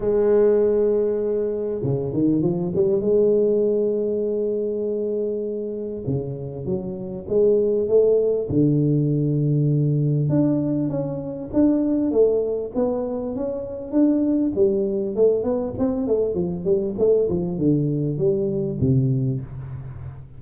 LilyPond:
\new Staff \with { instrumentName = "tuba" } { \time 4/4 \tempo 4 = 99 gis2. cis8 dis8 | f8 g8 gis2.~ | gis2 cis4 fis4 | gis4 a4 d2~ |
d4 d'4 cis'4 d'4 | a4 b4 cis'4 d'4 | g4 a8 b8 c'8 a8 f8 g8 | a8 f8 d4 g4 c4 | }